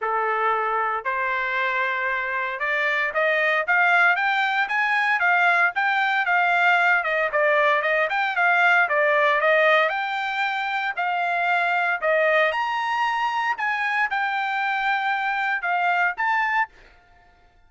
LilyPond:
\new Staff \with { instrumentName = "trumpet" } { \time 4/4 \tempo 4 = 115 a'2 c''2~ | c''4 d''4 dis''4 f''4 | g''4 gis''4 f''4 g''4 | f''4. dis''8 d''4 dis''8 g''8 |
f''4 d''4 dis''4 g''4~ | g''4 f''2 dis''4 | ais''2 gis''4 g''4~ | g''2 f''4 a''4 | }